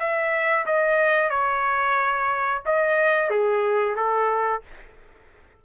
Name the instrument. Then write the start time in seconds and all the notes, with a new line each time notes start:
trumpet
0.00 E5
0.66 D#5
1.30 C#5
2.66 D#5
3.30 G#4
3.96 A4